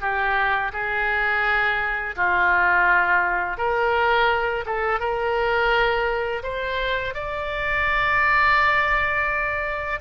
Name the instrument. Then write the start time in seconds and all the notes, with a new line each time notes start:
oboe
0.00 G4
0.72 G#4
2.16 F4
3.57 A#4
4.65 A4
4.99 A#4
6.43 C5
7.14 D5